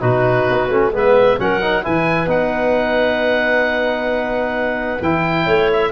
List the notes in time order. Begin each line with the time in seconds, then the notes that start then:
0.00 B2 D#4 F#4 B4
0.49 B3
0.69 A3 C#4
0.92 G#3 B3 B4 E5
1.38 F#3 C#4 A#4 F#5
1.61 D#4
1.83 E3 E4 B4 G#5
2.26 B3 D#4 F#5
5.01 E3 E4 G5
5.45 A3 C#5
5.73 E5